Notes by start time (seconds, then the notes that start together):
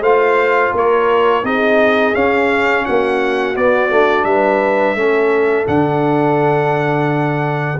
0.00 A3 F4 C5 F5
0.74 A#3 A#4 C#5
1.43 C4 D#4 G#4 D#5
2.14 C#4 F5
2.85 A#3 F#4 F#5
3.55 B3 D5
3.90 A3 D4
4.24 G3 B4 E5
4.95 A3 C#4 A4
5.66 D3 D4 F#5